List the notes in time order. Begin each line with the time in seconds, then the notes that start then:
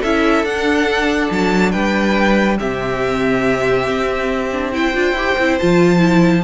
0.00 C#4 E4 A4 E5
0.43 D4 F#5
1.31 F#3 A5
1.72 G3 B4 G5
2.58 C3 C4 G4 E5
3.87 C4
4.53 D4
4.73 E4 C5 G5
4.94 D4 F4
5.12 E4 G4
5.38 C4 E4
5.59 F3 F4 A5
5.99 E4